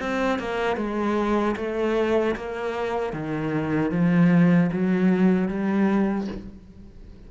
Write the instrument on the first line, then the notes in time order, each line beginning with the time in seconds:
cello
0.00 C4
0.39 A#3
0.77 G#3
1.57 A3
2.36 A#3
3.13 D#3
3.92 F3
4.73 F#3
5.49 G3